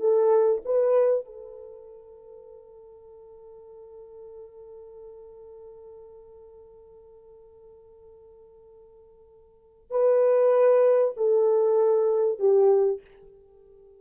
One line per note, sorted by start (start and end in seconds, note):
0.00 0.62 A4
0.65 1.25 B4
1.25 9.91 A4
9.91 11.14 B4
11.17 12.39 A4
12.39 13.01 G4